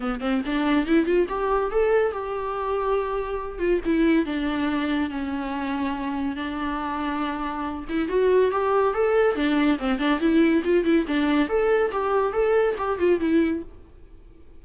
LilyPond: \new Staff \with { instrumentName = "viola" } { \time 4/4 \tempo 4 = 141 b8 c'8 d'4 e'8 f'8 g'4 | a'4 g'2.~ | g'8 f'8 e'4 d'2 | cis'2. d'4~ |
d'2~ d'8 e'8 fis'4 | g'4 a'4 d'4 c'8 d'8 | e'4 f'8 e'8 d'4 a'4 | g'4 a'4 g'8 f'8 e'4 | }